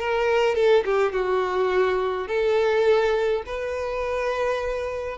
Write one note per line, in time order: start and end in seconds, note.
0.00 0.55 A#4
0.55 0.84 A4
0.85 1.12 G4
1.12 2.28 F#4
2.28 3.43 A4
3.46 5.18 B4